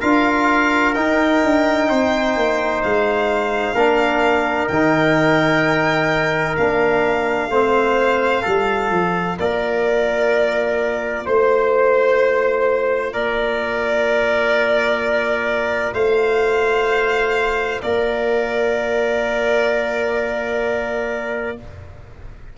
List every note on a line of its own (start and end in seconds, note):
0.00 0.96 D4
0.00 0.94 F4
0.00 1.88 A#4
0.00 0.94 F5
0.94 3.76 D#4
0.94 1.43 D#4
0.94 2.81 G5
1.44 1.90 D4
1.89 2.36 C4
1.89 3.74 C5
2.36 2.83 A#3
2.83 3.75 G#3
2.83 4.68 F5
3.74 4.68 A#3
3.74 4.71 D4
3.74 7.49 A#4
4.68 6.56 D#3
4.68 6.58 D#4
4.68 6.55 G5
6.57 7.50 A#3
6.57 7.51 D4
6.57 9.38 F5
7.50 8.44 A3
7.50 8.44 C4
7.50 8.42 C5
8.42 8.90 G3
8.42 21.57 F4
8.42 9.36 A4
8.90 9.37 F3
9.39 11.26 A#3
9.39 11.25 A#4
9.39 11.26 D5
11.25 13.13 A3
11.25 13.13 C5
13.13 15.93 A#3
13.13 15.94 A#4
13.13 15.94 D5
15.93 17.81 A3
15.93 17.81 C5
15.93 17.81 F5
17.82 21.58 A#3
17.82 21.57 A#4
17.82 21.57 D5